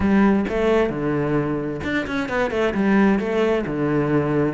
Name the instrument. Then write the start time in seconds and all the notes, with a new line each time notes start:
cello
0.00 G3
0.48 A3
0.89 D3
1.83 D4
2.06 C#4
2.29 B3
2.51 A3
2.74 G3
3.19 A3
3.66 D3